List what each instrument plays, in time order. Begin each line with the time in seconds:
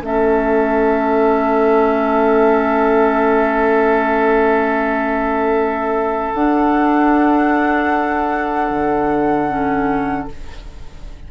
0.00 bassoon A3, clarinet C#4, oboe A4, flute E5
6.33 bassoon D4, clarinet D4, flute F#5
8.70 bassoon D3
9.48 clarinet C#4